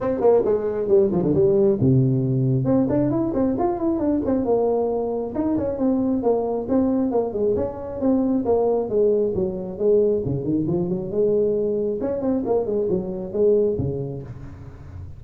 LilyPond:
\new Staff \with { instrumentName = "tuba" } { \time 4/4 \tempo 4 = 135 c'8 ais8 gis4 g8 f16 d16 g4 | c2 c'8 d'8 e'8 c'8 | f'8 e'8 d'8 c'8 ais2 | dis'8 cis'8 c'4 ais4 c'4 |
ais8 gis8 cis'4 c'4 ais4 | gis4 fis4 gis4 cis8 dis8 | f8 fis8 gis2 cis'8 c'8 | ais8 gis8 fis4 gis4 cis4 | }